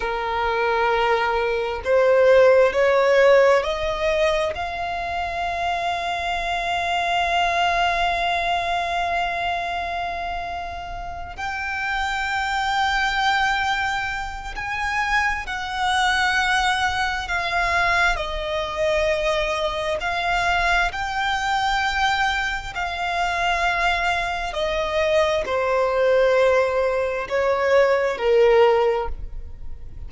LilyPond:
\new Staff \with { instrumentName = "violin" } { \time 4/4 \tempo 4 = 66 ais'2 c''4 cis''4 | dis''4 f''2.~ | f''1~ | f''8 g''2.~ g''8 |
gis''4 fis''2 f''4 | dis''2 f''4 g''4~ | g''4 f''2 dis''4 | c''2 cis''4 ais'4 | }